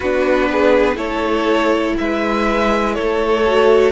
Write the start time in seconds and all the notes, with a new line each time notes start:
0.00 B3 D4 F#4 B4
0.51 G#4
0.95 A3 E4 A4 C#5
1.98 G#3 B4 E5
2.94 A3 A4 C#5
3.46 F#4